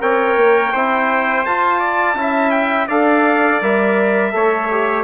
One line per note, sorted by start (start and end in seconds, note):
0.00 0.36 C4
0.00 0.72 A#4
0.00 0.72 C#5
0.00 1.45 G5
0.36 0.73 A#3
0.72 1.46 C4
0.72 1.47 E4
0.72 1.80 C5
1.45 2.15 F4
1.45 2.17 F4
1.45 2.51 A5
1.80 2.16 D5
2.15 2.87 C#4
2.15 2.89 E4
2.21 2.87 E5
2.51 2.87 G5
2.87 3.61 D4
2.87 3.62 A4
2.87 4.32 D5
2.87 3.62 F5
3.62 4.34 G3
3.62 4.32 A#4
3.62 5.04 E5
4.32 5.04 A3
4.32 4.68 A4
4.32 5.04 C#5
4.71 5.04 G4